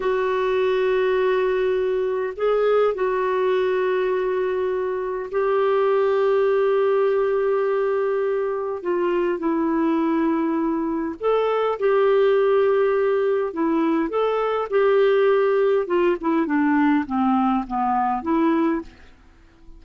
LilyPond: \new Staff \with { instrumentName = "clarinet" } { \time 4/4 \tempo 4 = 102 fis'1 | gis'4 fis'2.~ | fis'4 g'2.~ | g'2. f'4 |
e'2. a'4 | g'2. e'4 | a'4 g'2 f'8 e'8 | d'4 c'4 b4 e'4 | }